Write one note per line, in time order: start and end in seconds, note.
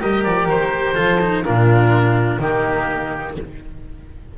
0.00 0.25 G3
0.00 0.95 G4
0.00 0.94 A#4
0.00 0.23 D#5
0.23 0.48 F3
0.23 0.47 D5
0.48 0.96 D#3
0.48 1.45 C5
0.94 1.45 F3
0.94 1.19 F4
0.94 1.42 A4
1.20 1.44 D#4
1.44 2.38 A#2
1.44 2.40 D4
1.44 2.39 F4
1.44 2.41 A#4
2.38 3.34 D#3
2.38 3.36 A#3
2.38 3.35 D#4
2.38 3.37 G4